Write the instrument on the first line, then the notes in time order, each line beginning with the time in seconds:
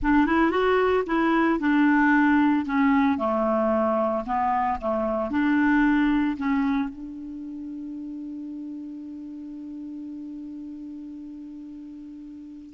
clarinet
0.02 D4
0.26 E4
0.50 F#4
1.06 E4
1.59 D4
2.65 C#4
3.18 A3
4.26 B3
4.81 A3
5.30 D4
6.37 C#4
6.89 D4